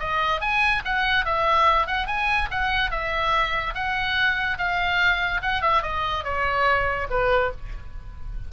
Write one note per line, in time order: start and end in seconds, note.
0.00 0.41 D#5
0.41 0.83 G#5
0.85 1.26 F#5
1.26 1.87 E5
1.87 2.07 F#5
2.07 2.49 G#5
2.51 2.91 F#5
2.91 3.74 E5
3.75 4.58 F#5
4.58 5.42 F5
5.42 5.62 F#5
5.62 5.83 E5
5.83 6.24 D#5
6.24 7.08 C#5
7.10 7.52 B4